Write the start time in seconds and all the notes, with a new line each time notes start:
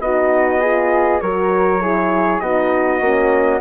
0.00 B3 D#4 F#4 D#5
0.61 F4 G#4
1.21 F#3 F#4 A#4 C#5
1.81 E4 G#4
2.40 B3 D#4 F#4 D#5
3.01 A#3 C#4